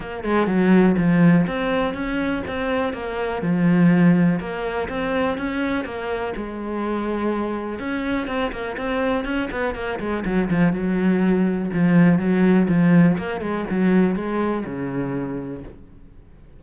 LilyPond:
\new Staff \with { instrumentName = "cello" } { \time 4/4 \tempo 4 = 123 ais8 gis8 fis4 f4 c'4 | cis'4 c'4 ais4 f4~ | f4 ais4 c'4 cis'4 | ais4 gis2. |
cis'4 c'8 ais8 c'4 cis'8 b8 | ais8 gis8 fis8 f8 fis2 | f4 fis4 f4 ais8 gis8 | fis4 gis4 cis2 | }